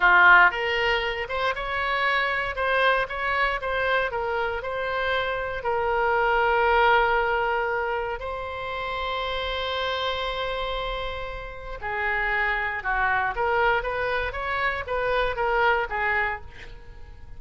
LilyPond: \new Staff \with { instrumentName = "oboe" } { \time 4/4 \tempo 4 = 117 f'4 ais'4. c''8 cis''4~ | cis''4 c''4 cis''4 c''4 | ais'4 c''2 ais'4~ | ais'1 |
c''1~ | c''2. gis'4~ | gis'4 fis'4 ais'4 b'4 | cis''4 b'4 ais'4 gis'4 | }